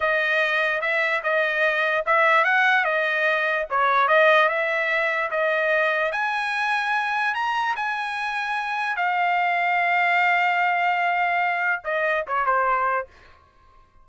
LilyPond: \new Staff \with { instrumentName = "trumpet" } { \time 4/4 \tempo 4 = 147 dis''2 e''4 dis''4~ | dis''4 e''4 fis''4 dis''4~ | dis''4 cis''4 dis''4 e''4~ | e''4 dis''2 gis''4~ |
gis''2 ais''4 gis''4~ | gis''2 f''2~ | f''1~ | f''4 dis''4 cis''8 c''4. | }